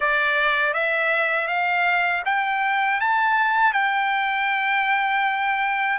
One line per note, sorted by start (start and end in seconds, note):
0.00 0.73 D5
0.73 1.47 E5
1.47 2.22 F5
2.25 3.00 G5
3.00 3.73 A5
3.73 5.98 G5